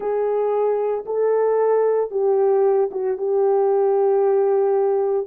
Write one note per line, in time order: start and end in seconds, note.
0.00 1.05 G#4
1.05 2.11 A4
2.11 2.89 G4
2.91 3.17 F#4
3.17 5.27 G4